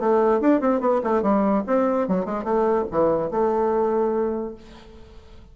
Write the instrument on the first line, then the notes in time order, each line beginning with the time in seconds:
bassoon
0.00 A3
0.41 D4
0.61 C4
0.81 B3
1.04 A3
1.22 G3
1.67 C4
2.08 F#3
2.25 G#3
2.44 A3
2.92 E3
3.31 A3